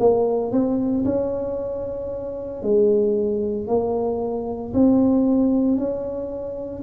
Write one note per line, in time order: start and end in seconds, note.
0.00 0.52 A#3
0.52 1.05 C4
1.05 2.63 C#4
2.63 3.67 G#3
3.67 4.73 A#3
4.74 5.78 C4
5.78 6.83 C#4